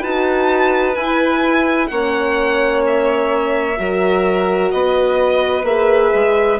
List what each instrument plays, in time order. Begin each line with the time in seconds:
0.00 bassoon D#4, horn F#4, violin B4 A5
0.94 horn E4, bassoon E4, violin G#5
1.87 bassoon A#3, horn C#4, violin C#5 F#5
2.86 violin E5
3.77 bassoon F#3, horn F#4, violin A#4
4.71 bassoon B3, violin B4 D#5
5.63 bassoon A#3, horn G#4, violin E5
6.14 bassoon G#3